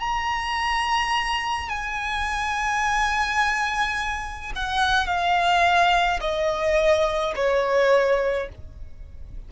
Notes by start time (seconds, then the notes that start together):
0.00 A#5
1.69 G#5
4.56 F#5
5.07 F5
6.21 D#5
7.36 C#5